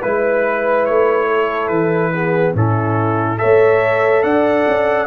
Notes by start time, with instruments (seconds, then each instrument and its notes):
0.00 tuba G#3, trombone E4, horn B4, trumpet B4
0.86 tuba A3, trumpet C#5
1.28 horn A4
1.68 tuba E3, trumpet B4
2.13 trombone B3, horn G#4
2.55 tuba A2, trombone C#4, horn E4, trumpet A4
3.38 tuba A3, trombone A4, horn C#5, trumpet E5
4.23 tuba D4, horn D5, trumpet F#5
4.67 tuba C#4